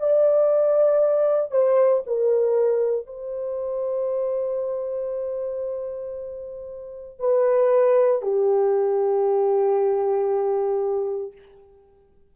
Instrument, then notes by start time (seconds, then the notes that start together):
horn
0.00 D5
1.51 C5
2.06 A#4
3.07 C5
7.19 B4
8.22 G4